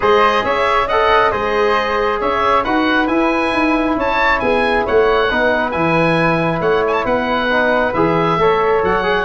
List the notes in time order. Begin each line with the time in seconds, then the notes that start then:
0.00 G#3 G#4 C5 D#5
0.43 C#4 C#5 E5
0.87 A4 D#5 F#5
1.31 G#3 G#4 C5 D#5
2.19 C#4 C#5 E5
2.63 D#4 F#4 B4 F#5
3.07 E4 G#5
3.53 D#4
3.96 C#4 C#5 A5
4.39 B3 G#4 G#5
4.86 A3 C#5 F#5
5.30 B3 D#4 B4
5.71 E3 E4 G#5
6.60 A3 C#5 F#5
6.87 G#5 A5
7.05 B3 B4 F#5
7.49 D#4
7.93 E3 G#4 E5
8.37 A3 A4 C#5
8.83 F#3 F#5
9.03 G#4